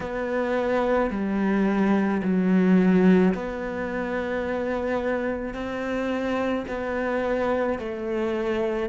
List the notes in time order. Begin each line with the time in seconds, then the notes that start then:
0.00 B3
1.10 G3
2.22 F#3
3.34 B3
5.54 C4
6.68 B3
7.78 A3